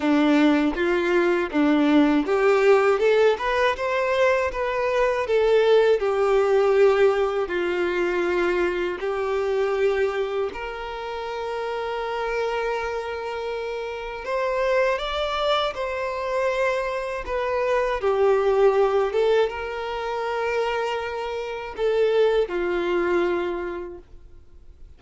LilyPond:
\new Staff \with { instrumentName = "violin" } { \time 4/4 \tempo 4 = 80 d'4 f'4 d'4 g'4 | a'8 b'8 c''4 b'4 a'4 | g'2 f'2 | g'2 ais'2~ |
ais'2. c''4 | d''4 c''2 b'4 | g'4. a'8 ais'2~ | ais'4 a'4 f'2 | }